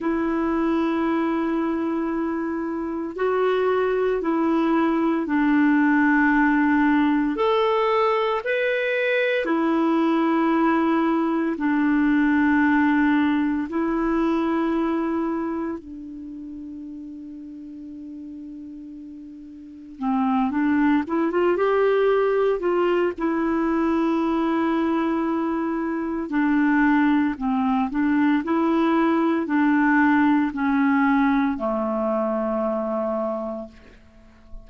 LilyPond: \new Staff \with { instrumentName = "clarinet" } { \time 4/4 \tempo 4 = 57 e'2. fis'4 | e'4 d'2 a'4 | b'4 e'2 d'4~ | d'4 e'2 d'4~ |
d'2. c'8 d'8 | e'16 f'16 g'4 f'8 e'2~ | e'4 d'4 c'8 d'8 e'4 | d'4 cis'4 a2 | }